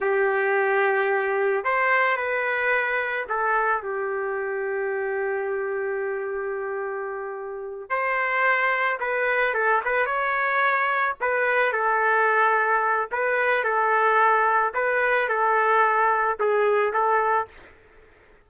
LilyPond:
\new Staff \with { instrumentName = "trumpet" } { \time 4/4 \tempo 4 = 110 g'2. c''4 | b'2 a'4 g'4~ | g'1~ | g'2~ g'8 c''4.~ |
c''8 b'4 a'8 b'8 cis''4.~ | cis''8 b'4 a'2~ a'8 | b'4 a'2 b'4 | a'2 gis'4 a'4 | }